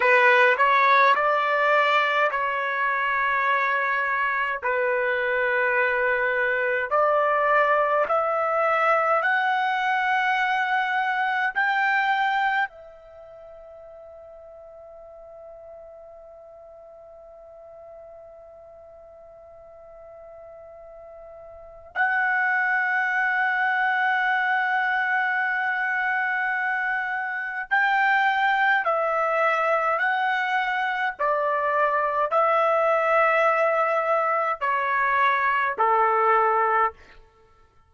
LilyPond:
\new Staff \with { instrumentName = "trumpet" } { \time 4/4 \tempo 4 = 52 b'8 cis''8 d''4 cis''2 | b'2 d''4 e''4 | fis''2 g''4 e''4~ | e''1~ |
e''2. fis''4~ | fis''1 | g''4 e''4 fis''4 d''4 | e''2 cis''4 a'4 | }